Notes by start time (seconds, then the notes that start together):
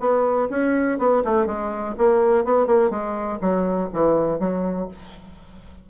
0.00 B3
0.50 C#4
0.99 B3
1.25 A3
1.46 G#3
1.98 A#3
2.45 B3
2.67 A#3
2.90 G#3
3.41 F#3
3.93 E3
4.40 F#3